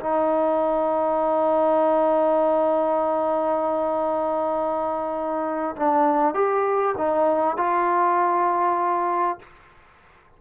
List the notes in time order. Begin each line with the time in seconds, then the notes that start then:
0.00 D#4
5.76 D4
6.34 G4
6.98 D#4
7.57 F4